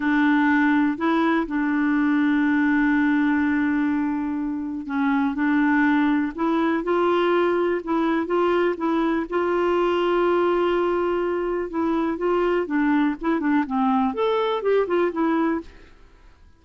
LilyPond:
\new Staff \with { instrumentName = "clarinet" } { \time 4/4 \tempo 4 = 123 d'2 e'4 d'4~ | d'1~ | d'2 cis'4 d'4~ | d'4 e'4 f'2 |
e'4 f'4 e'4 f'4~ | f'1 | e'4 f'4 d'4 e'8 d'8 | c'4 a'4 g'8 f'8 e'4 | }